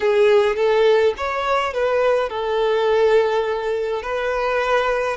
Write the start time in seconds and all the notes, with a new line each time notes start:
0.00 G#4
0.56 A4
1.17 C#5
1.73 B4
2.29 A4
4.02 B4